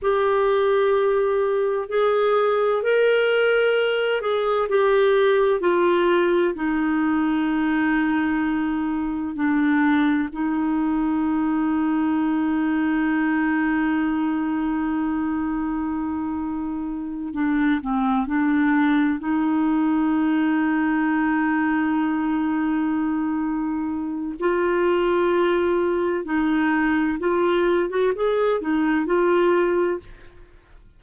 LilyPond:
\new Staff \with { instrumentName = "clarinet" } { \time 4/4 \tempo 4 = 64 g'2 gis'4 ais'4~ | ais'8 gis'8 g'4 f'4 dis'4~ | dis'2 d'4 dis'4~ | dis'1~ |
dis'2~ dis'8 d'8 c'8 d'8~ | d'8 dis'2.~ dis'8~ | dis'2 f'2 | dis'4 f'8. fis'16 gis'8 dis'8 f'4 | }